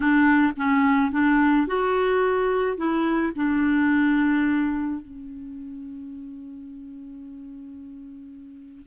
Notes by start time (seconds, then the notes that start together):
0.00 D4
0.57 C#4
1.11 D4
1.67 F#4
2.77 E4
3.35 D4
5.01 C#4